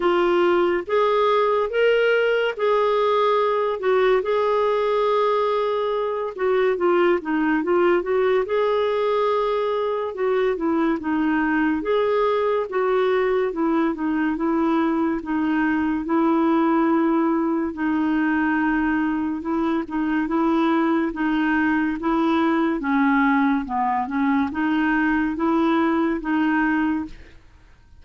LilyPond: \new Staff \with { instrumentName = "clarinet" } { \time 4/4 \tempo 4 = 71 f'4 gis'4 ais'4 gis'4~ | gis'8 fis'8 gis'2~ gis'8 fis'8 | f'8 dis'8 f'8 fis'8 gis'2 | fis'8 e'8 dis'4 gis'4 fis'4 |
e'8 dis'8 e'4 dis'4 e'4~ | e'4 dis'2 e'8 dis'8 | e'4 dis'4 e'4 cis'4 | b8 cis'8 dis'4 e'4 dis'4 | }